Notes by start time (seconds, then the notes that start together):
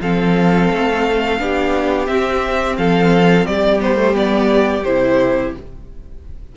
0.00 F3 C4 A4 F5
0.70 A3
1.39 B3 D4 G4
2.06 C4 E5
2.77 F3 A4 F5
3.45 G3 G4 D5
3.79 B3 C5
3.96 A3
4.13 B3 D5
4.83 C3 E4 C5